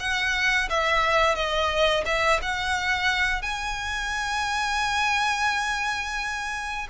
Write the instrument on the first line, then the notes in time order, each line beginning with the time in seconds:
violin
0.00 F#5
0.70 E5
1.35 D#5
2.06 E5
2.42 F#5
3.42 G#5